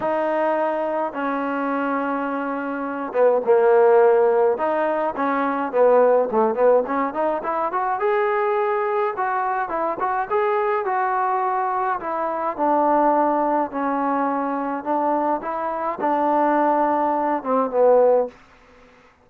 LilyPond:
\new Staff \with { instrumentName = "trombone" } { \time 4/4 \tempo 4 = 105 dis'2 cis'2~ | cis'4. b8 ais2 | dis'4 cis'4 b4 a8 b8 | cis'8 dis'8 e'8 fis'8 gis'2 |
fis'4 e'8 fis'8 gis'4 fis'4~ | fis'4 e'4 d'2 | cis'2 d'4 e'4 | d'2~ d'8 c'8 b4 | }